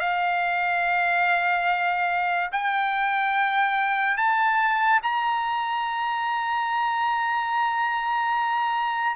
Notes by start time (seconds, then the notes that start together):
0.00 F5
2.52 G5
4.17 A5
5.03 A#5